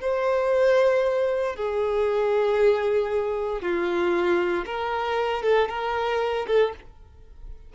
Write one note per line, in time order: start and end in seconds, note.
0.00 1.55 C5
1.55 3.61 G#4
3.61 4.65 F4
4.65 5.42 A#4
5.42 5.68 A4
5.68 6.46 A#4
6.47 6.73 A4